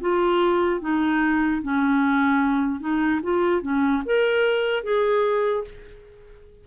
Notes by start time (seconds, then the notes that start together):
0.00 F4
0.80 D#4
1.62 C#4
2.80 D#4
3.22 F4
3.62 C#4
4.05 A#4
4.83 G#4